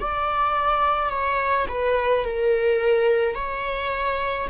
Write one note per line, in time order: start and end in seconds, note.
0.00 1.09 D5
1.09 1.66 C#5
1.68 2.24 B4
2.24 3.35 A#4
3.35 4.48 C#5